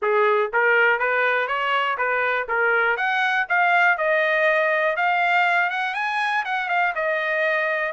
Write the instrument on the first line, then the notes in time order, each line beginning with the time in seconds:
trumpet
0.02 G#4
0.53 A#4
0.99 B4
1.47 C#5
1.97 B4
2.48 A#4
2.96 F#5
3.48 F5
3.97 D#5
4.96 F5
5.70 F#5
5.94 G#5
6.44 F#5
6.69 F5
6.95 D#5